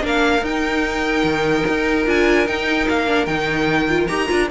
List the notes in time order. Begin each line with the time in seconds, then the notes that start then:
0.00 A#3 D4 A#4
0.06 F5
0.42 D#4 G5
1.24 D#3
1.68 D#4
2.06 D4 F4 G#5
2.47 D#4 G5
2.89 A#3 F5
3.07 D4
3.26 D#3 D#4 G5
3.89 F4
4.08 D#4 G4 A#5
4.28 D4 F4